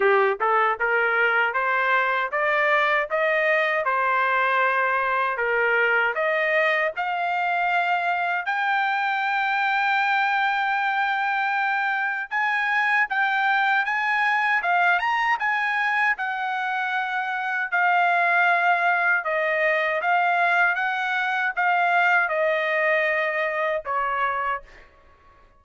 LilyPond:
\new Staff \with { instrumentName = "trumpet" } { \time 4/4 \tempo 4 = 78 g'8 a'8 ais'4 c''4 d''4 | dis''4 c''2 ais'4 | dis''4 f''2 g''4~ | g''1 |
gis''4 g''4 gis''4 f''8 ais''8 | gis''4 fis''2 f''4~ | f''4 dis''4 f''4 fis''4 | f''4 dis''2 cis''4 | }